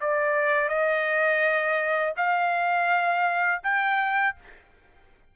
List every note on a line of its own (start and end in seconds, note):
0.00 0.68 D5
0.68 2.13 D#5
2.17 3.61 F5
3.63 4.35 G5